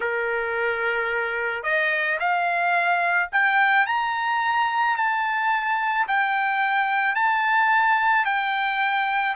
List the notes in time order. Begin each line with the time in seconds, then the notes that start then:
0.00 A#4
1.63 D#5
2.19 F5
3.32 G5
3.86 A#5
4.96 A5
6.07 G5
7.15 A5
8.25 G5